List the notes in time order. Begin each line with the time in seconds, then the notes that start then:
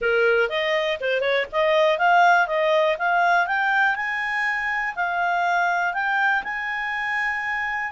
0.01 A#4
0.49 D#5
1.00 C5
1.20 C#5
1.51 D#5
1.98 F5
2.47 D#5
2.98 F5
3.46 G5
3.95 G#5
4.95 F5
5.93 G5
6.43 G#5